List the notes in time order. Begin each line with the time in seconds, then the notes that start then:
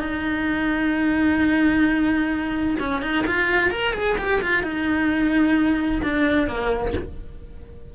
0.00 D#4
2.80 C#4
3.02 D#4
3.27 F4
3.71 A#4
3.94 G#4
4.18 G4
4.42 F4
4.63 D#4
6.03 D4
6.48 A#3